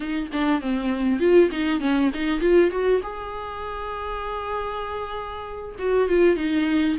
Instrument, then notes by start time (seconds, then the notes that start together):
viola
0.00 D#4
0.32 D4
0.61 C4
1.19 F4
1.51 D#4
1.80 C#4
2.13 D#4
2.40 F4
2.70 F#4
3.02 G#4
5.79 F#4
6.08 F4
6.36 D#4